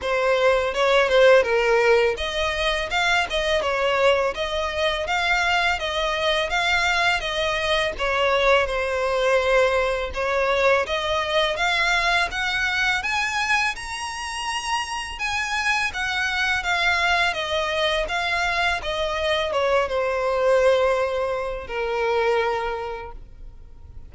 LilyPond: \new Staff \with { instrumentName = "violin" } { \time 4/4 \tempo 4 = 83 c''4 cis''8 c''8 ais'4 dis''4 | f''8 dis''8 cis''4 dis''4 f''4 | dis''4 f''4 dis''4 cis''4 | c''2 cis''4 dis''4 |
f''4 fis''4 gis''4 ais''4~ | ais''4 gis''4 fis''4 f''4 | dis''4 f''4 dis''4 cis''8 c''8~ | c''2 ais'2 | }